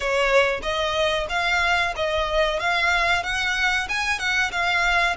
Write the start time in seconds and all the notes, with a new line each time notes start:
0.00 C#5
0.62 D#5
1.29 F5
1.96 D#5
2.59 F5
3.23 F#5
3.88 G#5
4.19 F#5
4.51 F5